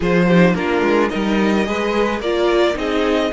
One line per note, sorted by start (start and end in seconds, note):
0.00 0.54 F3
0.00 0.30 F4
0.00 0.26 G#4
0.00 0.55 C5
0.27 0.55 D#4
0.27 0.55 G4
0.54 0.81 A#3
0.54 1.10 D4
0.54 1.10 F4
0.54 1.09 A#4
0.81 1.09 G#3
1.09 1.67 G3
1.09 1.64 D#4
1.09 1.66 A#4
1.09 2.20 D#5
1.64 2.19 G#3
1.64 2.20 G#4
1.64 2.21 B4
2.19 2.75 A#3
2.19 2.74 F4
2.19 2.76 A#4
2.19 2.77 D5
2.74 3.31 C4
2.74 3.30 D#4
2.74 3.33 G#4
2.74 3.33 D#5